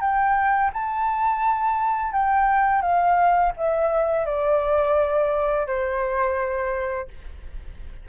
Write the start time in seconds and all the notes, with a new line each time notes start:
0.00 G5
0.73 A5
2.12 G5
2.81 F5
3.56 E5
4.25 D5
5.66 C5